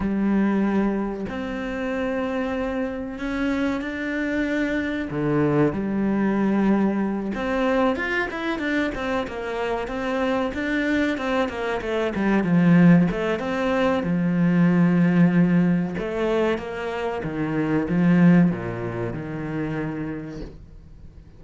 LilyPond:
\new Staff \with { instrumentName = "cello" } { \time 4/4 \tempo 4 = 94 g2 c'2~ | c'4 cis'4 d'2 | d4 g2~ g8 c'8~ | c'8 f'8 e'8 d'8 c'8 ais4 c'8~ |
c'8 d'4 c'8 ais8 a8 g8 f8~ | f8 a8 c'4 f2~ | f4 a4 ais4 dis4 | f4 ais,4 dis2 | }